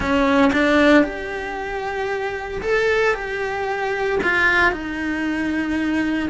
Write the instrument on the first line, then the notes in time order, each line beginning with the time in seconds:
cello
0.00 C#4
0.52 D4
1.03 G4
2.61 A4
3.14 G4
4.23 F4
4.72 D#4